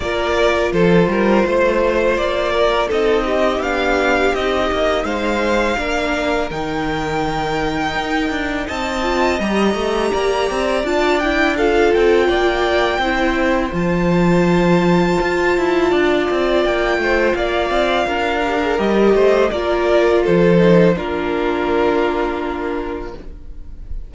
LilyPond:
<<
  \new Staff \with { instrumentName = "violin" } { \time 4/4 \tempo 4 = 83 d''4 c''2 d''4 | dis''4 f''4 dis''4 f''4~ | f''4 g''2. | a''4 ais''2 a''8 g''8 |
f''8 g''2~ g''8 a''4~ | a''2. g''4 | f''2 dis''4 d''4 | c''4 ais'2. | }
  \new Staff \with { instrumentName = "violin" } { \time 4/4 ais'4 a'8 ais'8 c''4. ais'8 | a'8 g'2~ g'8 c''4 | ais'1 | dis''2 d''2 |
a'4 d''4 c''2~ | c''2 d''4. c''8 | d''4 ais'4. c''8 ais'4 | a'4 f'2. | }
  \new Staff \with { instrumentName = "viola" } { \time 4/4 f'1 | dis'4 d'4 dis'2 | d'4 dis'2.~ | dis'8 f'8 g'2 f'8 e'8 |
f'2 e'4 f'4~ | f'1~ | f'4. g'16 gis'16 g'4 f'4~ | f'8 dis'8 d'2. | }
  \new Staff \with { instrumentName = "cello" } { \time 4/4 ais4 f8 g8 a4 ais4 | c'4 b4 c'8 ais8 gis4 | ais4 dis2 dis'8 d'8 | c'4 g8 a8 ais8 c'8 d'4~ |
d'8 c'8 ais4 c'4 f4~ | f4 f'8 e'8 d'8 c'8 ais8 a8 | ais8 c'8 d'4 g8 a8 ais4 | f4 ais2. | }
>>